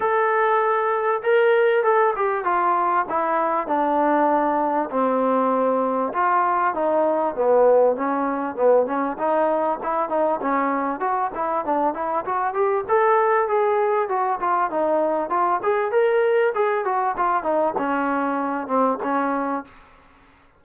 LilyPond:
\new Staff \with { instrumentName = "trombone" } { \time 4/4 \tempo 4 = 98 a'2 ais'4 a'8 g'8 | f'4 e'4 d'2 | c'2 f'4 dis'4 | b4 cis'4 b8 cis'8 dis'4 |
e'8 dis'8 cis'4 fis'8 e'8 d'8 e'8 | fis'8 g'8 a'4 gis'4 fis'8 f'8 | dis'4 f'8 gis'8 ais'4 gis'8 fis'8 | f'8 dis'8 cis'4. c'8 cis'4 | }